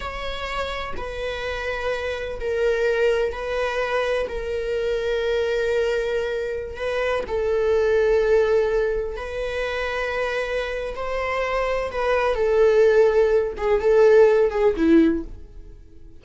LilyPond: \new Staff \with { instrumentName = "viola" } { \time 4/4 \tempo 4 = 126 cis''2 b'2~ | b'4 ais'2 b'4~ | b'4 ais'2.~ | ais'2~ ais'16 b'4 a'8.~ |
a'2.~ a'16 b'8.~ | b'2. c''4~ | c''4 b'4 a'2~ | a'8 gis'8 a'4. gis'8 e'4 | }